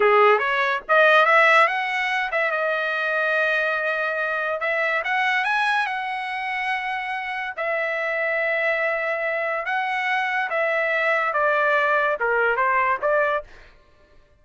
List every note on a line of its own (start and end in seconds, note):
0.00 0.39 G#4
0.39 0.80 C#5
0.88 1.25 D#5
1.25 1.67 E5
1.67 2.30 F#5
2.31 2.51 E5
2.51 4.60 D#5
4.60 5.02 E5
5.04 5.44 F#5
5.44 5.86 G#5
5.86 7.54 F#5
7.56 9.65 E5
9.65 10.49 F#5
10.50 11.33 E5
11.33 12.17 D5
12.19 12.56 A#4
12.56 12.98 C5
13.01 13.43 D5